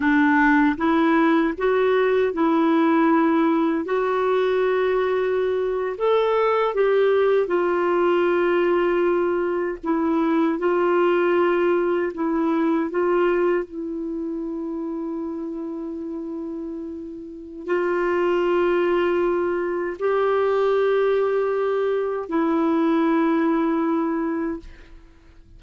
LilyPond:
\new Staff \with { instrumentName = "clarinet" } { \time 4/4 \tempo 4 = 78 d'4 e'4 fis'4 e'4~ | e'4 fis'2~ fis'8. a'16~ | a'8. g'4 f'2~ f'16~ | f'8. e'4 f'2 e'16~ |
e'8. f'4 e'2~ e'16~ | e'2. f'4~ | f'2 g'2~ | g'4 e'2. | }